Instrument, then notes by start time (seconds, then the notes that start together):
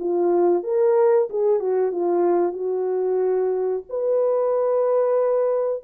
horn
0.00 F4
0.64 A#4
1.30 G#4
1.60 F#4
1.92 F4
2.54 F#4
3.90 B4